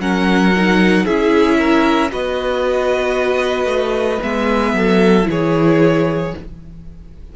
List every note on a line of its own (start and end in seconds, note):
0.00 1.05 F#3
0.00 0.53 C#4
0.00 1.05 A#4
0.00 1.06 F#5
0.56 1.08 D#4
1.05 2.12 C#4
1.05 2.10 E4
1.05 1.58 G#4
1.05 2.11 E5
1.58 2.11 A#4
2.10 3.66 B3
2.10 4.21 F#4
2.10 4.76 B4
2.10 4.23 D#5
3.66 4.18 A3
4.22 4.74 G#3
4.22 5.23 B3
4.22 5.28 E5
4.74 5.27 F#3
4.74 5.29 A4
5.23 6.34 E3
5.23 6.29 E4
5.30 6.36 G#4
5.30 6.36 C#5